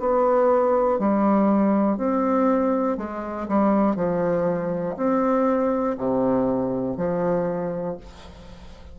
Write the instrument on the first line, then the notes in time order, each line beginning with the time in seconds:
bassoon
0.00 B3
0.99 G3
1.98 C4
2.98 G#3
3.48 G3
3.96 F3
4.97 C4
5.98 C3
6.97 F3